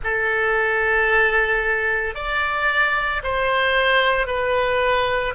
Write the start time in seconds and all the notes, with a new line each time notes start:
0.03 A4
2.14 D5
3.23 C5
4.27 B4